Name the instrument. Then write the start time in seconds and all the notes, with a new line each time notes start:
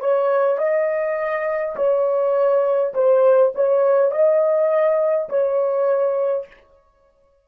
horn
0.00 C#5
0.58 D#5
1.76 C#5
2.94 C5
3.55 C#5
4.11 D#5
5.29 C#5